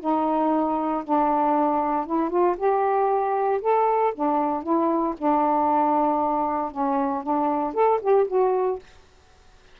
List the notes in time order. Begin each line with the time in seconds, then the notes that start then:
0.00 D#4
1.04 D4
2.06 E4
2.30 F4
2.57 G4
3.61 A4
4.14 D4
4.63 E4
5.18 D4
6.71 C#4
7.23 D4
7.74 A4
8.01 G4
8.27 F#4